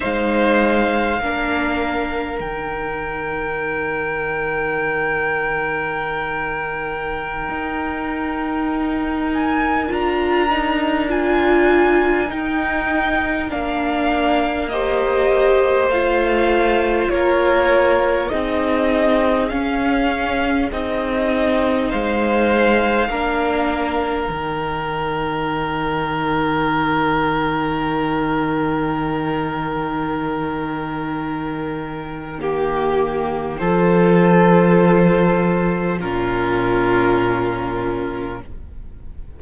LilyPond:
<<
  \new Staff \with { instrumentName = "violin" } { \time 4/4 \tempo 4 = 50 f''2 g''2~ | g''2.~ g''8. gis''16~ | gis''16 ais''4 gis''4 g''4 f''8.~ | f''16 dis''4 f''4 cis''4 dis''8.~ |
dis''16 f''4 dis''4 f''4.~ f''16~ | f''16 g''2.~ g''8.~ | g''1 | c''2 ais'2 | }
  \new Staff \with { instrumentName = "violin" } { \time 4/4 c''4 ais'2.~ | ais'1~ | ais'1~ | ais'16 c''2 ais'4 gis'8.~ |
gis'2~ gis'16 c''4 ais'8.~ | ais'1~ | ais'2. g'4 | a'2 f'2 | }
  \new Staff \with { instrumentName = "viola" } { \time 4/4 dis'4 d'4 dis'2~ | dis'1~ | dis'16 f'8 dis'8 f'4 dis'4 d'8.~ | d'16 g'4 f'2 dis'8.~ |
dis'16 cis'4 dis'2 d'8.~ | d'16 dis'2.~ dis'8.~ | dis'2. ais4 | f'2 cis'2 | }
  \new Staff \with { instrumentName = "cello" } { \time 4/4 gis4 ais4 dis2~ | dis2~ dis16 dis'4.~ dis'16~ | dis'16 d'2 dis'4 ais8.~ | ais4~ ais16 a4 ais4 c'8.~ |
c'16 cis'4 c'4 gis4 ais8.~ | ais16 dis2.~ dis8.~ | dis1 | f2 ais,2 | }
>>